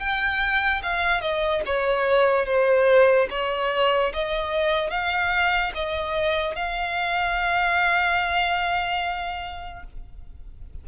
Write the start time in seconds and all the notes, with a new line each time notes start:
0.00 G5
0.83 F5
1.21 D#5
1.66 C#5
2.46 C5
3.31 C#5
4.14 D#5
4.91 F5
5.75 D#5
6.56 F5